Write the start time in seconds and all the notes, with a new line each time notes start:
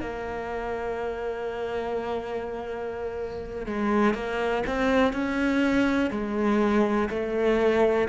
0.00 A#3
3.66 G#3
4.14 A#3
4.66 C4
5.12 C#4
6.10 G#3
7.10 A3